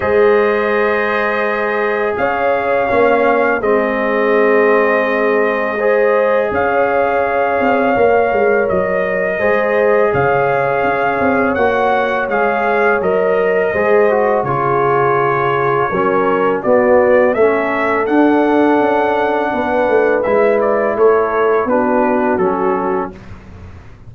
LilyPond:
<<
  \new Staff \with { instrumentName = "trumpet" } { \time 4/4 \tempo 4 = 83 dis''2. f''4~ | f''4 dis''2.~ | dis''4 f''2. | dis''2 f''2 |
fis''4 f''4 dis''2 | cis''2. d''4 | e''4 fis''2. | e''8 d''8 cis''4 b'4 a'4 | }
  \new Staff \with { instrumentName = "horn" } { \time 4/4 c''2. cis''4~ | cis''4 gis'2. | c''4 cis''2.~ | cis''4 c''4 cis''2~ |
cis''2. c''4 | gis'2 ais'4 fis'4 | a'2. b'4~ | b'4 a'4 fis'2 | }
  \new Staff \with { instrumentName = "trombone" } { \time 4/4 gis'1 | cis'4 c'2. | gis'2. ais'4~ | ais'4 gis'2. |
fis'4 gis'4 ais'4 gis'8 fis'8 | f'2 cis'4 b4 | cis'4 d'2. | e'2 d'4 cis'4 | }
  \new Staff \with { instrumentName = "tuba" } { \time 4/4 gis2. cis'4 | ais4 gis2.~ | gis4 cis'4. c'8 ais8 gis8 | fis4 gis4 cis4 cis'8 c'8 |
ais4 gis4 fis4 gis4 | cis2 fis4 b4 | a4 d'4 cis'4 b8 a8 | gis4 a4 b4 fis4 | }
>>